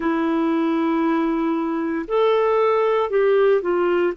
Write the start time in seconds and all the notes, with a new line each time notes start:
0.00 E4
2.07 A4
3.09 G4
3.61 F4